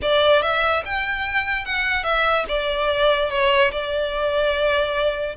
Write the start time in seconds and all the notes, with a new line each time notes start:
0.01 D5
0.42 E5
0.85 G5
1.65 F#5
2.03 E5
2.48 D5
3.30 C#5
3.71 D5